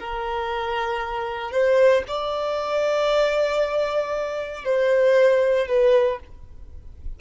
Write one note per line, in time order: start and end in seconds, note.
0.00 1.52 A#4
1.52 2.04 C5
2.08 4.65 D5
4.65 5.68 C5
5.68 6.20 B4